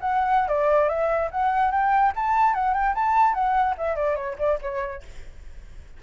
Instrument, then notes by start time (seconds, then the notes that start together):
flute
0.00 F#5
0.48 D5
0.88 E5
1.31 F#5
1.71 G5
2.15 A5
2.54 F#5
2.74 G5
2.94 A5
3.34 F#5
3.77 E5
3.95 D5
4.15 C#5
4.38 D5
4.61 C#5